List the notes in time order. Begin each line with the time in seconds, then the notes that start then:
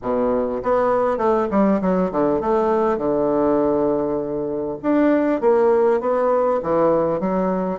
0.02 B2
0.62 B3
1.17 A3
1.50 G3
1.81 F#3
2.11 D3
2.40 A3
2.97 D3
4.82 D4
5.41 A#3
6.00 B3
6.62 E3
7.19 F#3